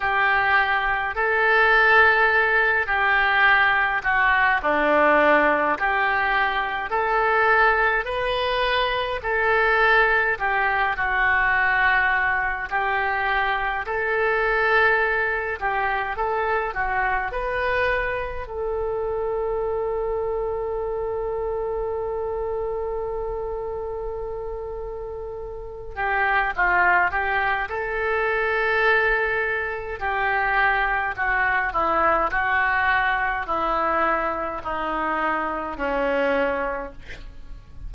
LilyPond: \new Staff \with { instrumentName = "oboe" } { \time 4/4 \tempo 4 = 52 g'4 a'4. g'4 fis'8 | d'4 g'4 a'4 b'4 | a'4 g'8 fis'4. g'4 | a'4. g'8 a'8 fis'8 b'4 |
a'1~ | a'2~ a'8 g'8 f'8 g'8 | a'2 g'4 fis'8 e'8 | fis'4 e'4 dis'4 cis'4 | }